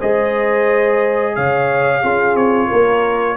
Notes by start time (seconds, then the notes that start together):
0.00 G#3 G#4 C5 D#5
1.36 C#3 C#5 F5
2.03 C#4 F4 G#4
2.36 C4 C#5
2.67 A#3 A#4